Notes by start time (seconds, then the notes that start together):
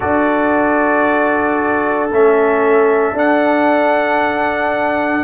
0.00 D4 F#4 A4 D5
2.11 A3 C#4 E5
3.12 D4 F#5